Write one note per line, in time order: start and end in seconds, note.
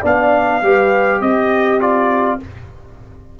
0.00 0.62 B3
0.00 0.62 D4
0.00 0.59 D5
0.00 1.21 F5
0.62 1.21 G3
0.62 1.80 G4
0.62 1.21 B4
1.21 2.38 C4
1.21 2.38 G4
1.21 1.80 D#5
1.80 2.39 F4
1.80 2.39 D5